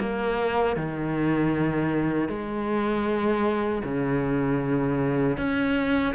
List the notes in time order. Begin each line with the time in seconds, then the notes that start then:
0.00 A#3
0.76 D#3
2.29 G#3
3.85 C#3
5.38 C#4